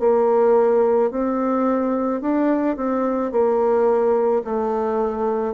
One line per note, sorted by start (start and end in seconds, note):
0.00 1.11 A#3
1.11 2.22 C4
2.22 2.77 D4
2.77 3.32 C4
3.32 4.43 A#3
4.45 5.55 A3